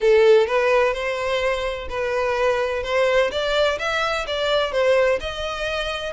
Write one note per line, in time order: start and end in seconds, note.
0.00 0.46 A4
0.46 0.93 B4
0.93 1.88 C5
1.89 2.83 B4
2.83 3.30 C5
3.31 3.78 D5
3.78 4.25 E5
4.26 4.72 D5
4.72 5.19 C5
5.20 6.13 D#5